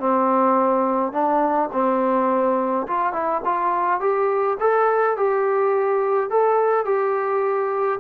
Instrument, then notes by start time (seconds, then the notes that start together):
trombone
0.00 C4
1.13 D4
1.73 C4
2.88 F4
3.13 E4
3.45 F4
4.01 G4
4.60 A4
5.17 G4
6.30 A4
6.86 G4